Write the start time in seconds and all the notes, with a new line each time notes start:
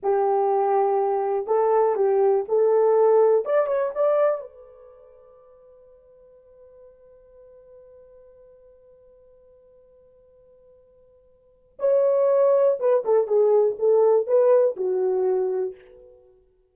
0.02 G4
1.46 A4
1.95 G4
2.48 A4
3.45 D5
3.66 C#5
3.94 D5
4.40 B4
11.79 C#5
12.79 B4
13.04 A4
13.27 G#4
13.78 A4
14.26 B4
14.76 F#4